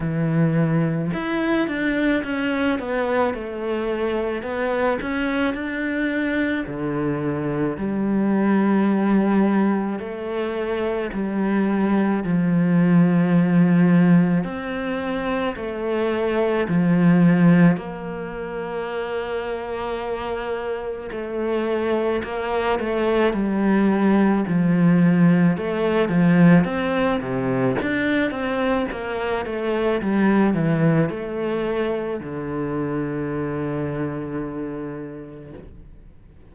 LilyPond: \new Staff \with { instrumentName = "cello" } { \time 4/4 \tempo 4 = 54 e4 e'8 d'8 cis'8 b8 a4 | b8 cis'8 d'4 d4 g4~ | g4 a4 g4 f4~ | f4 c'4 a4 f4 |
ais2. a4 | ais8 a8 g4 f4 a8 f8 | c'8 c8 d'8 c'8 ais8 a8 g8 e8 | a4 d2. | }